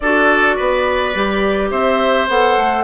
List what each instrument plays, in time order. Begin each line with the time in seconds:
0.00 bassoon D4, clarinet F#4, oboe A4, flute D5
0.55 bassoon B3, oboe B4
1.14 bassoon G3, clarinet G4
1.70 bassoon C4, oboe C5, flute E5
2.28 bassoon B3, clarinet A4, flute F#5
2.57 bassoon A3